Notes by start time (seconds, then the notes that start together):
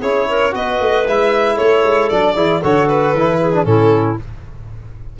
0.00 C#4 E4 G#4 C#5
0.29 A#4
0.51 B3 F#4 B4 D#5
0.80 A3
1.07 G#3 E4 E5
1.56 A3 A4 C#5
1.84 G#3
2.09 F#3 D4 D5
2.34 E3 E4 G#4
2.60 D3 F#4 A4 C#5
2.88 B4
3.14 E3 E4
3.41 G#4
3.53 D4
3.65 A2 C#4 E4 A4